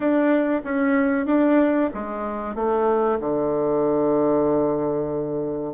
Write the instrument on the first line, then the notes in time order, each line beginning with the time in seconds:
bassoon
0.00 D4
0.64 C#4
1.26 D4
1.94 G#3
2.55 A3
3.19 D3